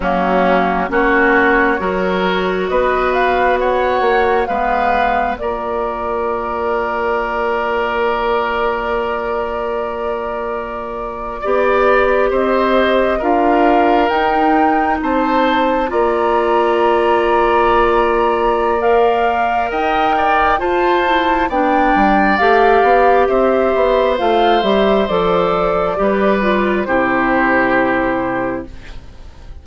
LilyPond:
<<
  \new Staff \with { instrumentName = "flute" } { \time 4/4 \tempo 4 = 67 fis'4 cis''2 dis''8 f''8 | fis''4 f''4 d''2~ | d''1~ | d''4.~ d''16 dis''4 f''4 g''16~ |
g''8. a''4 ais''2~ ais''16~ | ais''4 f''4 g''4 a''4 | g''4 f''4 e''4 f''8 e''8 | d''2 c''2 | }
  \new Staff \with { instrumentName = "oboe" } { \time 4/4 cis'4 fis'4 ais'4 b'4 | cis''4 b'4 ais'2~ | ais'1~ | ais'8. d''4 c''4 ais'4~ ais'16~ |
ais'8. c''4 d''2~ d''16~ | d''2 dis''8 d''8 c''4 | d''2 c''2~ | c''4 b'4 g'2 | }
  \new Staff \with { instrumentName = "clarinet" } { \time 4/4 ais4 cis'4 fis'2~ | fis'4 b4 f'2~ | f'1~ | f'8. g'2 f'4 dis'16~ |
dis'4.~ dis'16 f'2~ f'16~ | f'4 ais'2 f'8 e'8 | d'4 g'2 f'8 g'8 | a'4 g'8 f'8 e'2 | }
  \new Staff \with { instrumentName = "bassoon" } { \time 4/4 fis4 ais4 fis4 b4~ | b8 ais8 gis4 ais2~ | ais1~ | ais8. b4 c'4 d'4 dis'16~ |
dis'8. c'4 ais2~ ais16~ | ais2 dis'4 f'4 | b8 g8 a8 b8 c'8 b8 a8 g8 | f4 g4 c2 | }
>>